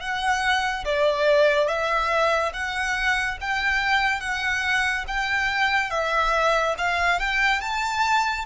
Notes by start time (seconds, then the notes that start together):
0.00 F#5
0.85 D5
1.68 E5
2.54 F#5
3.41 G5
4.21 F#5
5.08 G5
5.91 E5
6.78 F5
7.20 G5
7.61 A5